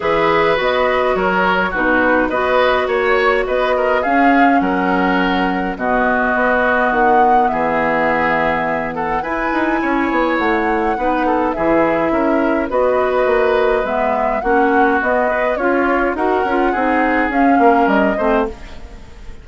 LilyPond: <<
  \new Staff \with { instrumentName = "flute" } { \time 4/4 \tempo 4 = 104 e''4 dis''4 cis''4 b'4 | dis''4 cis''4 dis''4 f''4 | fis''2 dis''2 | fis''4 e''2~ e''8 fis''8 |
gis''2 fis''2 | e''2 dis''2 | e''4 fis''4 dis''4 cis''4 | fis''2 f''4 dis''4 | }
  \new Staff \with { instrumentName = "oboe" } { \time 4/4 b'2 ais'4 fis'4 | b'4 cis''4 b'8 ais'8 gis'4 | ais'2 fis'2~ | fis'4 gis'2~ gis'8 a'8 |
b'4 cis''2 b'8 a'8 | gis'4 ais'4 b'2~ | b'4 fis'2 f'4 | ais'4 gis'4. ais'4 c''8 | }
  \new Staff \with { instrumentName = "clarinet" } { \time 4/4 gis'4 fis'2 dis'4 | fis'2. cis'4~ | cis'2 b2~ | b1 |
e'2. dis'4 | e'2 fis'2 | b4 cis'4 b8 b'8 f'4 | fis'8 f'8 dis'4 cis'4. c'8 | }
  \new Staff \with { instrumentName = "bassoon" } { \time 4/4 e4 b4 fis4 b,4 | b4 ais4 b4 cis'4 | fis2 b,4 b4 | dis4 e2. |
e'8 dis'8 cis'8 b8 a4 b4 | e4 cis'4 b4 ais4 | gis4 ais4 b4 cis'4 | dis'8 cis'8 c'4 cis'8 ais8 g8 a8 | }
>>